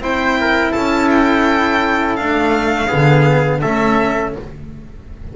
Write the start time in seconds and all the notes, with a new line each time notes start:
0.00 C4 E4 C5 G5
0.41 A#4
0.71 C#4 A4 A5
1.11 G5
2.16 A3 D4 F5
2.88 D3 B3 G#4
3.61 A3 C#4 A4 E5